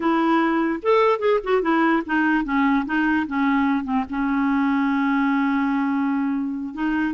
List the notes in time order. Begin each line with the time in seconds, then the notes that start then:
0.00 E4
0.82 A4
1.19 G#4
1.43 F#4
1.61 E4
2.06 D#4
2.44 C#4
2.85 D#4
3.27 C#4
3.84 C4
4.09 C#4
6.74 D#4